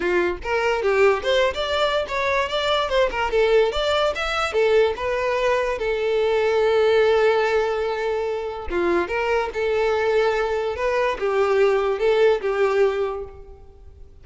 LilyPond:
\new Staff \with { instrumentName = "violin" } { \time 4/4 \tempo 4 = 145 f'4 ais'4 g'4 c''8. d''16~ | d''4 cis''4 d''4 c''8 ais'8 | a'4 d''4 e''4 a'4 | b'2 a'2~ |
a'1~ | a'4 f'4 ais'4 a'4~ | a'2 b'4 g'4~ | g'4 a'4 g'2 | }